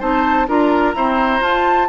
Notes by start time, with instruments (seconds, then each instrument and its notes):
0.00 bassoon C4, clarinet D#4, oboe C5, flute A5
0.47 bassoon D4, clarinet F4, oboe A#4, flute A#5
0.94 clarinet C4, bassoon E4, oboe C5
1.41 bassoon F4, clarinet F4, flute A5